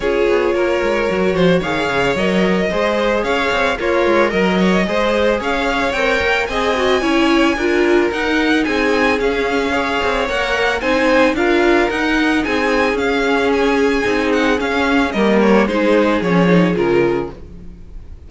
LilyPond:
<<
  \new Staff \with { instrumentName = "violin" } { \time 4/4 \tempo 4 = 111 cis''2. f''4 | dis''2 f''4 cis''4 | dis''2 f''4 g''4 | gis''2. fis''4 |
gis''4 f''2 fis''4 | gis''4 f''4 fis''4 gis''4 | f''4 gis''4. fis''8 f''4 | dis''8 cis''8 c''4 cis''4 ais'4 | }
  \new Staff \with { instrumentName = "violin" } { \time 4/4 gis'4 ais'4. c''8 cis''4~ | cis''4 c''4 cis''4 f'4 | ais'8 cis''8 c''4 cis''2 | dis''4 cis''4 ais'2 |
gis'2 cis''2 | c''4 ais'2 gis'4~ | gis'1 | ais'4 gis'2. | }
  \new Staff \with { instrumentName = "viola" } { \time 4/4 f'2 fis'4 gis'4 | ais'4 gis'2 ais'4~ | ais'4 gis'2 ais'4 | gis'8 fis'8 e'4 f'4 dis'4~ |
dis'4 cis'4 gis'4 ais'4 | dis'4 f'4 dis'2 | cis'2 dis'4 cis'4 | ais4 dis'4 cis'8 dis'8 f'4 | }
  \new Staff \with { instrumentName = "cello" } { \time 4/4 cis'8 b8 ais8 gis8 fis8 f8 dis8 cis8 | fis4 gis4 cis'8 c'8 ais8 gis8 | fis4 gis4 cis'4 c'8 ais8 | c'4 cis'4 d'4 dis'4 |
c'4 cis'4. c'8 ais4 | c'4 d'4 dis'4 c'4 | cis'2 c'4 cis'4 | g4 gis4 f4 cis4 | }
>>